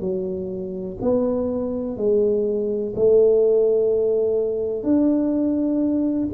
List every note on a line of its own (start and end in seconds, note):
0.00 0.97 F#3
1.01 1.97 B3
1.97 2.93 G#3
2.95 4.83 A3
4.83 6.28 D4